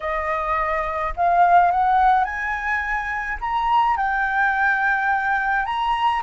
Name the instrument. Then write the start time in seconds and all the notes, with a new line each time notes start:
flute
0.00 D#5
1.16 F5
1.71 F#5
2.24 G#5
3.40 A#5
3.96 G5
5.65 A#5